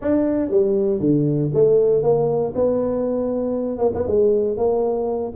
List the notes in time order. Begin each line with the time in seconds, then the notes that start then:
0.01 D4
0.50 G3
1.00 D3
1.54 A3
2.02 A#3
2.55 B3
3.78 A#3
3.94 B3
4.06 G#3
4.57 A#3